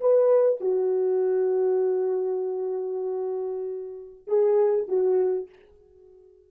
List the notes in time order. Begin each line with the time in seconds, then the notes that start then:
0.00 B4
0.60 F#4
4.27 G#4
4.88 F#4